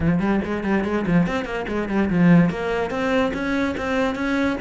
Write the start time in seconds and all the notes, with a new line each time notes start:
0.00 F3
0.19 G3
0.45 G#3
0.63 G3
0.84 G#3
1.06 F3
1.27 C4
1.45 A#3
1.67 G#3
1.88 G3
2.10 F3
2.50 A#3
2.90 C4
3.33 C#4
3.77 C4
4.15 C#4